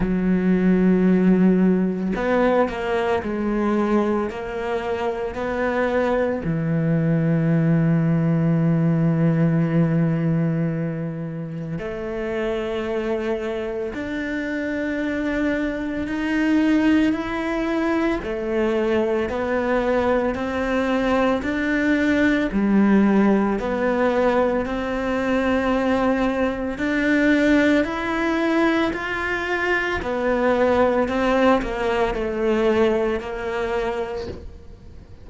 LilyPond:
\new Staff \with { instrumentName = "cello" } { \time 4/4 \tempo 4 = 56 fis2 b8 ais8 gis4 | ais4 b4 e2~ | e2. a4~ | a4 d'2 dis'4 |
e'4 a4 b4 c'4 | d'4 g4 b4 c'4~ | c'4 d'4 e'4 f'4 | b4 c'8 ais8 a4 ais4 | }